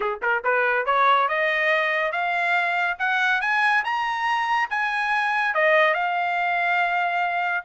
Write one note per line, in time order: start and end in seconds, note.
0.00 0.19 G#4
0.21 0.43 A#4
0.44 0.85 B4
0.85 1.28 C#5
1.28 2.12 D#5
2.12 2.97 F5
2.99 3.41 F#5
3.41 3.83 G#5
3.84 4.69 A#5
4.70 5.54 G#5
5.54 5.94 D#5
5.94 7.64 F5